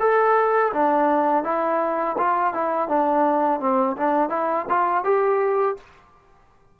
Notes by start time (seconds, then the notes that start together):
0.00 A4
0.73 D4
1.44 E4
2.18 F4
2.54 E4
2.88 D4
3.60 C4
3.97 D4
4.29 E4
4.69 F4
5.04 G4